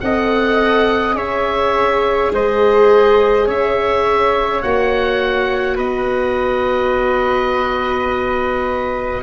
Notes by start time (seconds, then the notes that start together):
0.00 C4 A4 D#5 F#5
1.13 C#4 G#4 C#5 E5
2.31 G#3 C5 D#5
3.45 C#4 C#5 E5
4.62 A#3 F#4 F#5
5.75 B3 B4 D#5